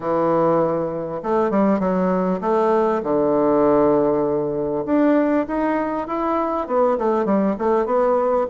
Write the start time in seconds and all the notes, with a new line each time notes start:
0.00 E3
1.22 A3
1.50 G3
1.79 F#3
2.40 A3
3.03 D3
4.85 D4
5.47 D#4
6.07 E4
6.67 B3
6.98 A3
7.25 G3
7.58 A3
7.85 B3